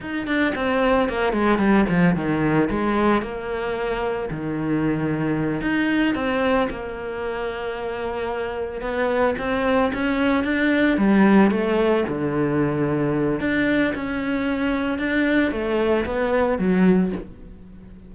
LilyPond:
\new Staff \with { instrumentName = "cello" } { \time 4/4 \tempo 4 = 112 dis'8 d'8 c'4 ais8 gis8 g8 f8 | dis4 gis4 ais2 | dis2~ dis8 dis'4 c'8~ | c'8 ais2.~ ais8~ |
ais8 b4 c'4 cis'4 d'8~ | d'8 g4 a4 d4.~ | d4 d'4 cis'2 | d'4 a4 b4 fis4 | }